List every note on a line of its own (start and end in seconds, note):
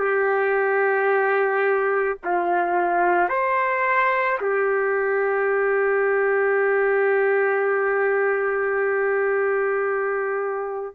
0.00 2.18 G4
2.25 3.29 F4
3.29 4.38 C5
4.41 10.95 G4